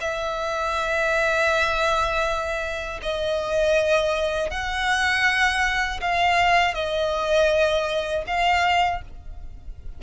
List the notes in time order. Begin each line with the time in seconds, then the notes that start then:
0.00 E5
3.02 D#5
4.50 F#5
6.00 F5
6.74 D#5
8.26 F5